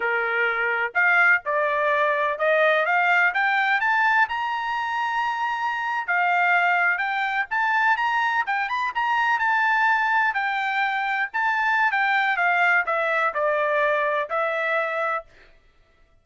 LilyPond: \new Staff \with { instrumentName = "trumpet" } { \time 4/4 \tempo 4 = 126 ais'2 f''4 d''4~ | d''4 dis''4 f''4 g''4 | a''4 ais''2.~ | ais''8. f''2 g''4 a''16~ |
a''8. ais''4 g''8 b''8 ais''4 a''16~ | a''4.~ a''16 g''2 a''16~ | a''4 g''4 f''4 e''4 | d''2 e''2 | }